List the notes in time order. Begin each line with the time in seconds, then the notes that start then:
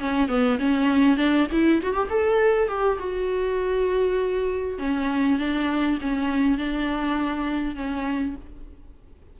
0.00 C#4
0.29 B3
0.59 C#4
1.17 D4
1.52 E4
1.83 F#4
1.94 G4
2.10 A4
2.69 G4
2.99 F#4
4.79 C#4
5.39 D4
6.01 C#4
6.58 D4
7.76 C#4